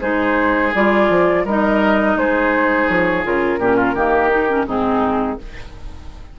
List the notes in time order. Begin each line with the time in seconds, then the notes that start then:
0.00 G#3 D#4 G#4 C5
0.74 G3 F4 D5
1.09 F3
1.44 G3 D#4 A#4 D#5
2.16 G#3 G#4 C5
2.88 F3 C#5
3.23 C#3 F4 A#4
3.58 A#2 C#4 G4
3.76 F4
3.94 D#3 A#3 G4
4.30 D#4
4.48 C#4
4.66 G#2 C4 D#4 G#4